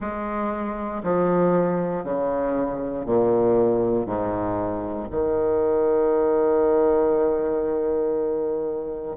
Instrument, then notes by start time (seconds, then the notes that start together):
bassoon
0.00 G#3
1.03 F3
2.03 C#3
3.05 A#2
4.06 G#2
5.11 D#3